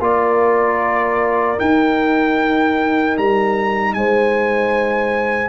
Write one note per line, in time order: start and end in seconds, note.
0.00 1.58 A#3
0.00 1.56 F4
0.00 3.96 A#4
0.00 1.60 D5
1.56 5.49 D#4
1.56 3.18 D#4
1.56 3.17 G5
3.18 3.95 G3
3.18 3.94 A#5
3.94 5.49 G#3
3.94 5.49 C5
3.94 5.49 G#5